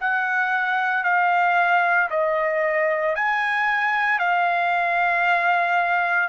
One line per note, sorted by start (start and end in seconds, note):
0.00 1.04 F#5
1.04 2.10 F5
2.11 3.16 D#5
3.16 4.19 G#5
4.19 6.29 F5